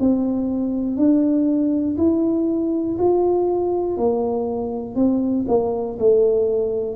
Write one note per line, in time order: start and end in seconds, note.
0.00 0.97 C4
0.97 1.97 D4
1.97 2.97 E4
2.99 3.97 F4
3.97 4.95 A#3
4.95 5.45 C4
5.47 5.97 A#3
5.99 6.96 A3